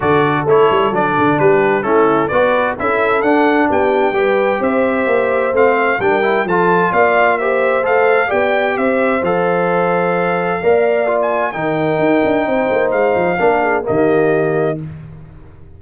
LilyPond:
<<
  \new Staff \with { instrumentName = "trumpet" } { \time 4/4 \tempo 4 = 130 d''4 cis''4 d''4 b'4 | a'4 d''4 e''4 fis''4 | g''2 e''2 | f''4 g''4 a''4 f''4 |
e''4 f''4 g''4 e''4 | f''1~ | f''16 gis''8. g''2. | f''2 dis''2 | }
  \new Staff \with { instrumentName = "horn" } { \time 4/4 a'2. g'4 | e'4 b'4 a'2 | g'4 b'4 c''2~ | c''4 ais'4 a'4 d''4 |
c''2 d''4 c''4~ | c''2. d''4~ | d''4 ais'2 c''4~ | c''4 ais'8 gis'8 g'2 | }
  \new Staff \with { instrumentName = "trombone" } { \time 4/4 fis'4 e'4 d'2 | cis'4 fis'4 e'4 d'4~ | d'4 g'2. | c'4 d'8 e'8 f'2 |
g'4 a'4 g'2 | a'2. ais'4 | f'4 dis'2.~ | dis'4 d'4 ais2 | }
  \new Staff \with { instrumentName = "tuba" } { \time 4/4 d4 a8 g8 fis8 d8 g4 | a4 b4 cis'4 d'4 | b4 g4 c'4 ais4 | a4 g4 f4 ais4~ |
ais4 a4 b4 c'4 | f2. ais4~ | ais4 dis4 dis'8 d'8 c'8 ais8 | gis8 f8 ais4 dis2 | }
>>